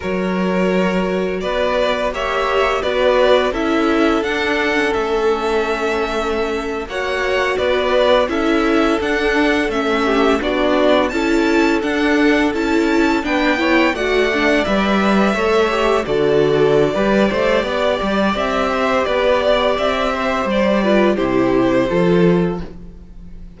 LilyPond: <<
  \new Staff \with { instrumentName = "violin" } { \time 4/4 \tempo 4 = 85 cis''2 d''4 e''4 | d''4 e''4 fis''4 e''4~ | e''4.~ e''16 fis''4 d''4 e''16~ | e''8. fis''4 e''4 d''4 a''16~ |
a''8. fis''4 a''4 g''4 fis''16~ | fis''8. e''2 d''4~ d''16~ | d''2 e''4 d''4 | e''4 d''4 c''2 | }
  \new Staff \with { instrumentName = "violin" } { \time 4/4 ais'2 b'4 cis''4 | b'4 a'2.~ | a'4.~ a'16 cis''4 b'4 a'16~ | a'2~ a'16 g'8 fis'4 a'16~ |
a'2~ a'8. b'8 cis''8 d''16~ | d''4.~ d''16 cis''4 a'4~ a'16 | b'8 c''8 d''4. c''8 b'8 d''8~ | d''8 c''4 b'8 g'4 a'4 | }
  \new Staff \with { instrumentName = "viola" } { \time 4/4 fis'2. g'4 | fis'4 e'4 d'8. cis'4~ cis'16~ | cis'4.~ cis'16 fis'2 e'16~ | e'8. d'4 cis'4 d'4 e'16~ |
e'8. d'4 e'4 d'8 e'8 fis'16~ | fis'16 d'8 b'4 a'8 g'8 fis'4~ fis'16 | g'1~ | g'4. f'8 e'4 f'4 | }
  \new Staff \with { instrumentName = "cello" } { \time 4/4 fis2 b4 ais4 | b4 cis'4 d'4 a4~ | a4.~ a16 ais4 b4 cis'16~ | cis'8. d'4 a4 b4 cis'16~ |
cis'8. d'4 cis'4 b4 a16~ | a8. g4 a4 d4~ d16 | g8 a8 b8 g8 c'4 b4 | c'4 g4 c4 f4 | }
>>